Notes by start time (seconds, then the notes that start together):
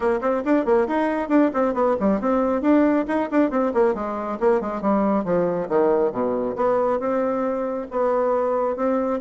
0.00 A#3
0.21 C4
0.44 D4
0.65 A#3
0.87 D#4
1.29 D4
1.53 C4
1.74 B3
1.99 G3
2.20 C4
2.61 D4
3.07 D#4
3.31 D4
3.50 C4
3.74 A#3
3.94 G#3
4.40 A#3
4.60 G#3
4.81 G3
5.24 F3
5.69 D#3
6.12 B2
6.56 B3
6.99 C4
7.90 B3
8.76 C4